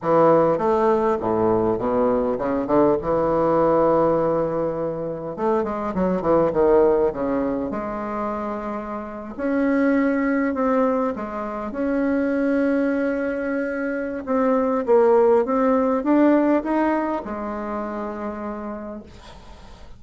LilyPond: \new Staff \with { instrumentName = "bassoon" } { \time 4/4 \tempo 4 = 101 e4 a4 a,4 b,4 | cis8 d8 e2.~ | e4 a8 gis8 fis8 e8 dis4 | cis4 gis2~ gis8. cis'16~ |
cis'4.~ cis'16 c'4 gis4 cis'16~ | cis'1 | c'4 ais4 c'4 d'4 | dis'4 gis2. | }